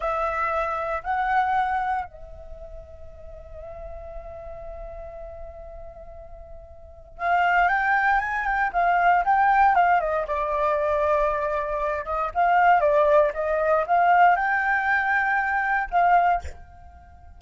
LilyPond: \new Staff \with { instrumentName = "flute" } { \time 4/4 \tempo 4 = 117 e''2 fis''2 | e''1~ | e''1~ | e''2 f''4 g''4 |
gis''8 g''8 f''4 g''4 f''8 dis''8 | d''2.~ d''8 dis''8 | f''4 d''4 dis''4 f''4 | g''2. f''4 | }